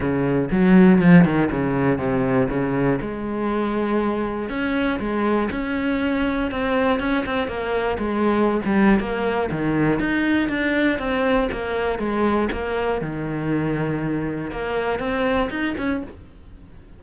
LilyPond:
\new Staff \with { instrumentName = "cello" } { \time 4/4 \tempo 4 = 120 cis4 fis4 f8 dis8 cis4 | c4 cis4 gis2~ | gis4 cis'4 gis4 cis'4~ | cis'4 c'4 cis'8 c'8 ais4 |
gis4~ gis16 g8. ais4 dis4 | dis'4 d'4 c'4 ais4 | gis4 ais4 dis2~ | dis4 ais4 c'4 dis'8 cis'8 | }